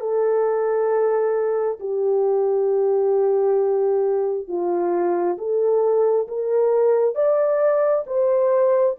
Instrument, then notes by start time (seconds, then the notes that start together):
horn
0.00 A4
1.80 G4
4.48 F4
5.38 A4
6.28 A#4
7.15 D5
8.07 C5